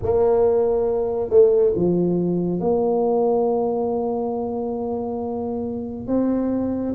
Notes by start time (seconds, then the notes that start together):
0.02 A#3
1.29 A3
1.75 F3
2.60 A#3
6.07 C4